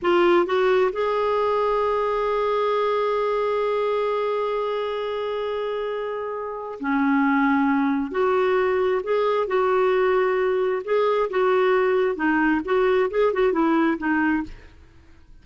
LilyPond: \new Staff \with { instrumentName = "clarinet" } { \time 4/4 \tempo 4 = 133 f'4 fis'4 gis'2~ | gis'1~ | gis'1~ | gis'2. cis'4~ |
cis'2 fis'2 | gis'4 fis'2. | gis'4 fis'2 dis'4 | fis'4 gis'8 fis'8 e'4 dis'4 | }